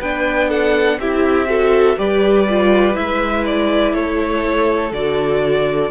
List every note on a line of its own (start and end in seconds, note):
0.00 0.98 B3
0.00 1.01 D4
0.00 0.49 B4
0.00 0.50 G5
0.49 0.98 A4
0.49 1.00 F#5
0.98 1.97 C4
0.98 1.47 E4
0.98 1.49 G4
0.98 1.99 E5
1.47 1.96 F#4
1.47 1.98 A4
1.98 2.97 G3
1.98 2.47 G4
1.98 3.94 B4
1.98 2.95 D5
2.49 2.94 F4
2.94 3.94 G#3
2.94 4.91 E4
2.94 3.45 E5
3.45 3.94 D5
3.94 4.92 A3
3.94 5.91 A4
3.94 4.92 C#5
4.92 5.90 D3
4.92 5.91 F#4
4.92 5.91 D5